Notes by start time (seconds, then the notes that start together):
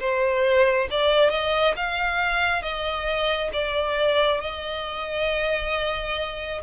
0.00 C5
0.91 D5
1.30 D#5
1.76 F5
2.62 D#5
3.53 D5
4.40 D#5